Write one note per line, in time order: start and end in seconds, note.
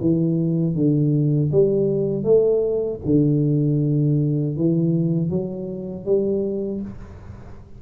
0.00 0.75 E3
0.75 1.51 D3
1.52 2.23 G3
2.23 2.99 A3
3.05 4.56 D3
4.56 5.30 E3
5.30 6.05 F#3
6.05 6.81 G3